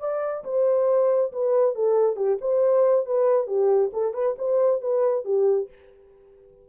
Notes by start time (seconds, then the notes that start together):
0.00 D5
0.44 C5
1.32 B4
1.75 A4
2.16 G4
2.41 C5
3.06 B4
3.47 G4
3.93 A4
4.14 B4
4.38 C5
4.81 B4
5.25 G4